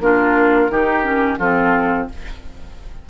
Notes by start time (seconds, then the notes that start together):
0.00 A#3 D4 F4 A#4
0.70 D#3 D#4 G4
1.03 C#4
1.39 F3 C4 F4 A4